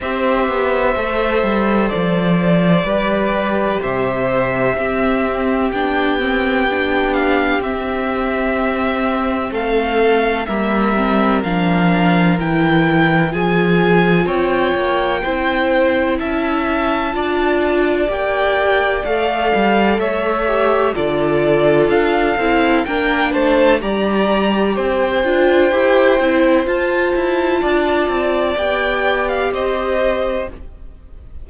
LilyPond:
<<
  \new Staff \with { instrumentName = "violin" } { \time 4/4 \tempo 4 = 63 e''2 d''2 | e''2 g''4. f''8 | e''2 f''4 e''4 | f''4 g''4 gis''4 g''4~ |
g''4 a''2 g''4 | f''4 e''4 d''4 f''4 | g''8 a''8 ais''4 g''2 | a''2 g''8. f''16 dis''4 | }
  \new Staff \with { instrumentName = "violin" } { \time 4/4 c''2. b'4 | c''4 g'2.~ | g'2 a'4 ais'4~ | ais'2 gis'4 cis''4 |
c''4 e''4 d''2~ | d''4 cis''4 a'2 | ais'8 c''8 d''4 c''2~ | c''4 d''2 c''4 | }
  \new Staff \with { instrumentName = "viola" } { \time 4/4 g'4 a'2 g'4~ | g'4 c'4 d'8 c'8 d'4 | c'2. ais8 c'8 | d'4 e'4 f'2 |
e'2 f'4 g'4 | a'4. g'8 f'4. e'8 | d'4 g'4. f'8 g'8 e'8 | f'2 g'2 | }
  \new Staff \with { instrumentName = "cello" } { \time 4/4 c'8 b8 a8 g8 f4 g4 | c4 c'4 b2 | c'2 a4 g4 | f4 e4 f4 c'8 ais8 |
c'4 cis'4 d'4 ais4 | a8 g8 a4 d4 d'8 c'8 | ais8 a8 g4 c'8 d'8 e'8 c'8 | f'8 e'8 d'8 c'8 b4 c'4 | }
>>